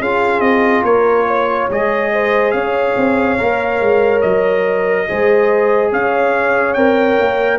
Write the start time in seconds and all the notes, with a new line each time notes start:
0.00 C#4 F4 G#4 F5
0.40 C4 D#5
0.83 A#3 A#4 C#5
1.27 C#5
1.70 G#3 G#4 D#5
2.12 C5
2.51 C#4 C#5 F5
2.97 C4
3.38 A#3 A#4
3.81 G#3
4.21 F#3 D#5
5.08 G#3 G#4 C5
5.92 C#4 C#5 F5
6.74 C4 A#4 G5
7.20 A#3